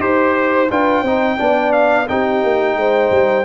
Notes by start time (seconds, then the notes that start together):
0.00 D#4 G4 C5
0.71 D4 F4 B4 G5
1.02 C4 D#4 C5
1.39 B3 D4 D5
1.73 F5
2.09 C4 D#4 G4 G5
2.44 A#3
2.76 G#3 C5
3.11 G3